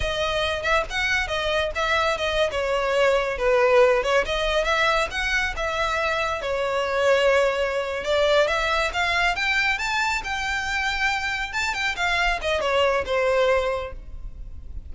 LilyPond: \new Staff \with { instrumentName = "violin" } { \time 4/4 \tempo 4 = 138 dis''4. e''8 fis''4 dis''4 | e''4 dis''8. cis''2 b'16~ | b'4~ b'16 cis''8 dis''4 e''4 fis''16~ | fis''8. e''2 cis''4~ cis''16~ |
cis''2~ cis''8 d''4 e''8~ | e''8 f''4 g''4 a''4 g''8~ | g''2~ g''8 a''8 g''8 f''8~ | f''8 dis''8 cis''4 c''2 | }